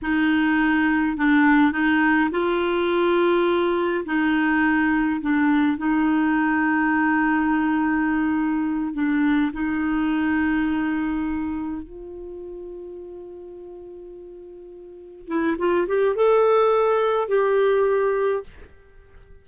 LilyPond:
\new Staff \with { instrumentName = "clarinet" } { \time 4/4 \tempo 4 = 104 dis'2 d'4 dis'4 | f'2. dis'4~ | dis'4 d'4 dis'2~ | dis'2.~ dis'8 d'8~ |
d'8 dis'2.~ dis'8~ | dis'8 f'2.~ f'8~ | f'2~ f'8 e'8 f'8 g'8 | a'2 g'2 | }